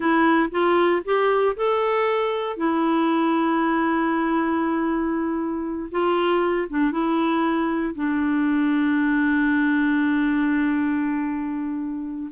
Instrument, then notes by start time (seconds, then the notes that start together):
clarinet
0.00 E4
0.51 F4
1.04 G4
1.56 A4
2.56 E4
5.91 F4
6.69 D4
6.91 E4
7.94 D4